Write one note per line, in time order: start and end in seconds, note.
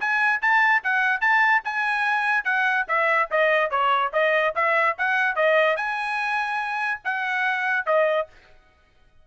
0.00 0.41 G#5
0.42 0.83 A5
0.84 1.21 F#5
1.21 1.62 A5
1.64 2.44 G#5
2.44 2.86 F#5
2.88 3.29 E5
3.31 3.70 D#5
3.70 4.12 C#5
4.13 4.54 D#5
4.55 4.96 E5
4.98 5.36 F#5
5.36 5.76 D#5
5.76 7.01 G#5
7.04 7.86 F#5
7.86 8.27 D#5